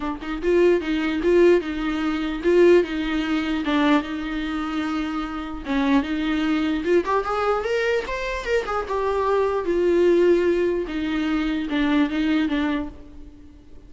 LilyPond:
\new Staff \with { instrumentName = "viola" } { \time 4/4 \tempo 4 = 149 d'8 dis'8 f'4 dis'4 f'4 | dis'2 f'4 dis'4~ | dis'4 d'4 dis'2~ | dis'2 cis'4 dis'4~ |
dis'4 f'8 g'8 gis'4 ais'4 | c''4 ais'8 gis'8 g'2 | f'2. dis'4~ | dis'4 d'4 dis'4 d'4 | }